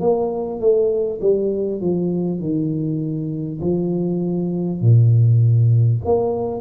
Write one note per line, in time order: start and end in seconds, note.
0.00 0.60 A#3
0.60 1.20 A3
1.21 1.81 G3
1.81 2.40 F3
2.40 3.60 D#3
3.61 4.81 F3
4.81 6.01 A#2
6.05 6.61 A#3